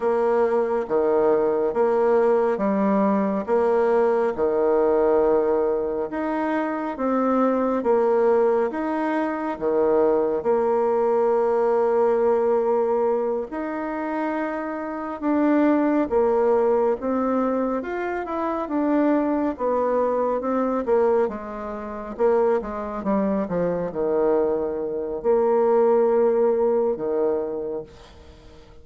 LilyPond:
\new Staff \with { instrumentName = "bassoon" } { \time 4/4 \tempo 4 = 69 ais4 dis4 ais4 g4 | ais4 dis2 dis'4 | c'4 ais4 dis'4 dis4 | ais2.~ ais8 dis'8~ |
dis'4. d'4 ais4 c'8~ | c'8 f'8 e'8 d'4 b4 c'8 | ais8 gis4 ais8 gis8 g8 f8 dis8~ | dis4 ais2 dis4 | }